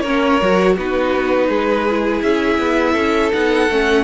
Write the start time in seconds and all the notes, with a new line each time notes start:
0.00 A#3 C#4 A#4 C#5
0.41 F#3 F#4
0.75 B3 D#4 F#4 B4
1.49 G#3 G#4
1.90 E4
2.22 C#4 E5
2.59 B3
2.93 C#4 A4
3.32 B3 D#4 F#5
3.69 A3 C#4